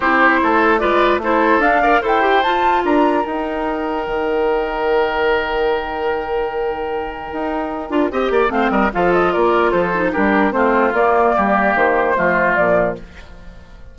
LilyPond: <<
  \new Staff \with { instrumentName = "flute" } { \time 4/4 \tempo 4 = 148 c''2 d''4 c''4 | f''4 g''4 a''4 ais''4 | g''1~ | g''1~ |
g''1~ | g''4 f''8 dis''8 f''8 dis''8 d''4 | c''4 ais'4 c''4 d''4~ | d''4 c''2 d''4 | }
  \new Staff \with { instrumentName = "oboe" } { \time 4/4 g'4 a'4 b'4 a'4~ | a'8 d''8 c''2 ais'4~ | ais'1~ | ais'1~ |
ais'1 | dis''8 d''8 c''8 ais'8 a'4 ais'4 | a'4 g'4 f'2 | g'2 f'2 | }
  \new Staff \with { instrumentName = "clarinet" } { \time 4/4 e'2 f'4 e'4 | d'8 ais'8 a'8 g'8 f'2 | dis'1~ | dis'1~ |
dis'2.~ dis'8 f'8 | g'4 c'4 f'2~ | f'8 dis'8 d'4 c'4 ais4~ | ais2 a4 f4 | }
  \new Staff \with { instrumentName = "bassoon" } { \time 4/4 c'4 a4 gis4 a4 | d'4 e'4 f'4 d'4 | dis'2 dis2~ | dis1~ |
dis2 dis'4. d'8 | c'8 ais8 a8 g8 f4 ais4 | f4 g4 a4 ais4 | g4 dis4 f4 ais,4 | }
>>